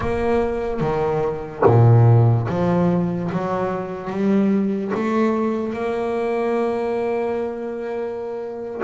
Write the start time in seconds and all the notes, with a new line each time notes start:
0.00 A#3
0.80 D#3
1.65 A#2
2.48 F3
3.32 F#3
4.09 G3
4.94 A3
5.73 A#3